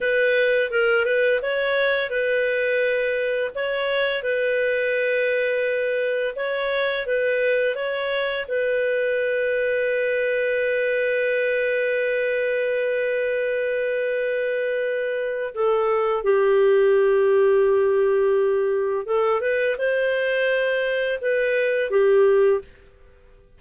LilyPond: \new Staff \with { instrumentName = "clarinet" } { \time 4/4 \tempo 4 = 85 b'4 ais'8 b'8 cis''4 b'4~ | b'4 cis''4 b'2~ | b'4 cis''4 b'4 cis''4 | b'1~ |
b'1~ | b'2 a'4 g'4~ | g'2. a'8 b'8 | c''2 b'4 g'4 | }